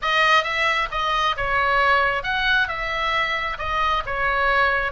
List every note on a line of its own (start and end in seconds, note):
0.02 0.43 D#5
0.43 0.88 E5
0.91 1.36 D#5
1.36 2.23 C#5
2.23 2.67 F#5
2.68 3.57 E5
3.58 4.03 D#5
4.05 4.91 C#5